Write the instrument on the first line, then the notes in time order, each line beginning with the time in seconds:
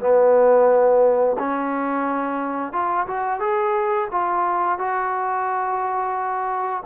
trombone
0.00 B3
1.39 C#4
2.72 F4
3.07 F#4
3.40 G#4
4.12 F4
4.79 F#4